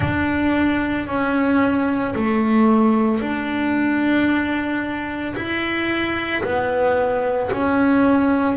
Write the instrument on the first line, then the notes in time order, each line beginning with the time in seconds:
double bass
0.00 D4
1.07 C#4
2.15 A3
3.20 D4
5.36 E4
6.43 B3
7.52 C#4